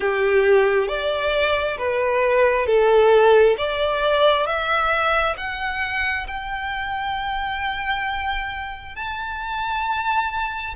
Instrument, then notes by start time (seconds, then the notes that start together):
violin
0.00 G4
0.88 D5
1.78 B4
2.66 A4
3.57 D5
4.46 E5
5.37 F#5
6.27 G5
8.96 A5